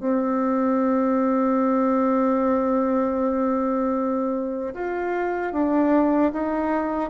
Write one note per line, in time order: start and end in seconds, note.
0.00 4.74 C4
4.74 5.53 F4
5.53 6.32 D4
6.33 7.10 D#4